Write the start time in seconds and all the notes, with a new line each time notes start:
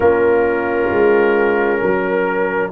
0.00 A#3 C#4 F4 A#4
0.90 G#3
1.80 F#3 A#4